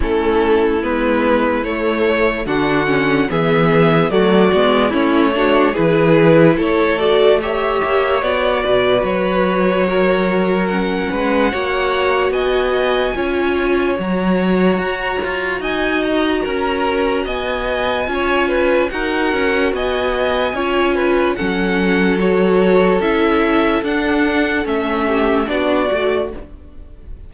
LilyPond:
<<
  \new Staff \with { instrumentName = "violin" } { \time 4/4 \tempo 4 = 73 a'4 b'4 cis''4 fis''4 | e''4 d''4 cis''4 b'4 | cis''8 d''8 e''4 d''4 cis''4~ | cis''4 fis''2 gis''4~ |
gis''4 ais''2 gis''8 ais''8~ | ais''4 gis''2 fis''4 | gis''2 fis''4 cis''4 | e''4 fis''4 e''4 d''4 | }
  \new Staff \with { instrumentName = "violin" } { \time 4/4 e'2. fis'4 | gis'4 fis'4 e'8 fis'8 gis'4 | a'4 cis''4. b'4. | ais'4. b'8 cis''4 dis''4 |
cis''2. dis''4 | ais'4 dis''4 cis''8 b'8 ais'4 | dis''4 cis''8 b'8 a'2~ | a'2~ a'8 g'8 fis'4 | }
  \new Staff \with { instrumentName = "viola" } { \time 4/4 cis'4 b4 a4 d'8 cis'8 | b4 a8 b8 cis'8 d'8 e'4~ | e'8 fis'8 g'4 fis'2~ | fis'4 cis'4 fis'2 |
f'4 fis'2.~ | fis'2 f'4 fis'4~ | fis'4 f'4 cis'4 fis'4 | e'4 d'4 cis'4 d'8 fis'8 | }
  \new Staff \with { instrumentName = "cello" } { \time 4/4 a4 gis4 a4 d4 | e4 fis8 gis8 a4 e4 | a4. ais8 b8 b,8 fis4~ | fis4. gis8 ais4 b4 |
cis'4 fis4 fis'8 f'8 dis'4 | cis'4 b4 cis'4 dis'8 cis'8 | b4 cis'4 fis2 | cis'4 d'4 a4 b8 a8 | }
>>